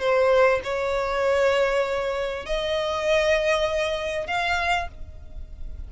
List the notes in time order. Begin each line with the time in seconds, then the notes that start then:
0.00 C5
0.64 C#5
2.46 D#5
4.27 F5